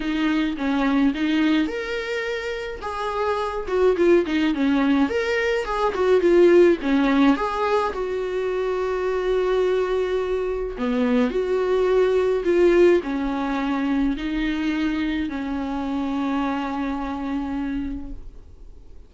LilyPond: \new Staff \with { instrumentName = "viola" } { \time 4/4 \tempo 4 = 106 dis'4 cis'4 dis'4 ais'4~ | ais'4 gis'4. fis'8 f'8 dis'8 | cis'4 ais'4 gis'8 fis'8 f'4 | cis'4 gis'4 fis'2~ |
fis'2. b4 | fis'2 f'4 cis'4~ | cis'4 dis'2 cis'4~ | cis'1 | }